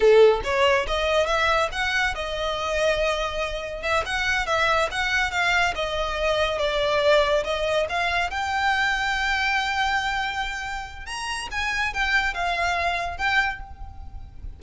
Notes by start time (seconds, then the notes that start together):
0.00 A4
0.44 C#5
0.87 D#5
1.26 E5
1.72 F#5
2.14 D#5
3.82 E5
4.05 F#5
4.46 E5
4.91 F#5
5.31 F5
5.75 D#5
6.58 D5
7.44 D#5
7.89 F5
8.30 G5
11.06 A#5
11.51 G#5
11.93 G5
12.34 F5
13.17 G5